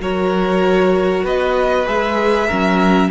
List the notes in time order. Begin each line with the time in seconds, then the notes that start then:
0.00 F#3 F#4 A#4 C#5
1.23 B3 B4 D#5
1.86 G#3 G#4 E5
2.47 F#3 C#4 A#4